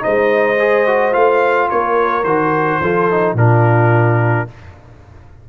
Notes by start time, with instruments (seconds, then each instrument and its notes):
0.00 trombone D#4, horn C5, trumpet D#5
0.06 tuba G#3
0.59 trombone G#4
0.87 trombone F#4
1.12 tuba A3, trombone F4, trumpet F5
1.70 tuba A#3, horn A#4, trumpet C#5
2.24 tuba D#3, trombone F#4, trumpet C5
2.81 tuba F3, trombone F4, horn A4
3.11 trombone D#4
3.34 tuba A#2, trombone D4, horn F4, trumpet A#4